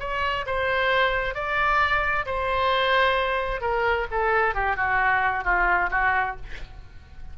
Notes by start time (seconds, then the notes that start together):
0.00 C#5
0.46 C5
1.35 D5
2.26 C5
3.61 A#4
4.11 A4
4.55 G4
4.76 F#4
5.44 F4
5.91 F#4